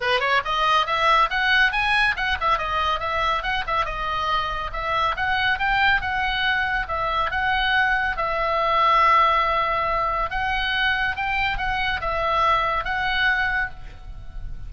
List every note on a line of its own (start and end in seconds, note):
0.00 0.20 B4
0.20 0.41 C#5
0.44 0.86 D#5
0.86 1.29 E5
1.30 1.72 F#5
1.72 2.15 G#5
2.16 2.37 F#5
2.40 2.58 E5
2.58 2.99 D#5
2.99 3.42 E5
3.43 3.64 F#5
3.66 3.85 E5
3.85 4.70 D#5
4.72 5.15 E5
5.16 5.59 F#5
5.59 6.01 G5
6.01 6.86 F#5
6.88 7.31 E5
7.31 8.16 F#5
8.16 10.30 E5
10.30 11.15 F#5
11.15 11.57 G5
11.57 12.00 F#5
12.00 12.84 E5
12.84 13.70 F#5